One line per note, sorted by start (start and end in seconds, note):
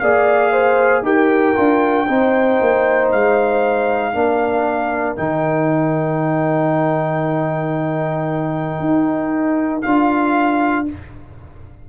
0.00 1.02 A#3
0.00 1.04 G#4
0.00 0.53 D5
0.00 1.03 F5
0.53 1.04 C5
1.02 1.54 D#4
1.02 1.55 G4
1.02 2.09 A#4
1.02 3.12 G5
1.55 2.09 D4
1.55 2.07 F4
2.08 2.61 C4
2.08 4.13 D#4
2.08 4.15 C5
2.61 3.13 A#3
3.12 4.15 G#3
3.12 5.17 F5
4.13 5.18 A#3
4.13 5.17 D4
4.13 10.88 A#4
5.17 8.80 D#3
5.17 9.83 D#4
5.17 9.82 G5
8.80 9.83 D#4
9.82 10.90 D4
9.82 10.87 F4
9.82 10.86 F5